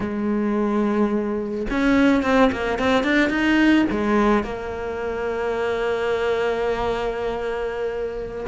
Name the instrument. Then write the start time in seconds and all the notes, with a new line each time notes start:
cello
0.00 G#3
1.70 C#4
2.22 C4
2.52 A#3
2.78 C4
3.03 D4
3.29 D#4
3.90 G#3
4.43 A#3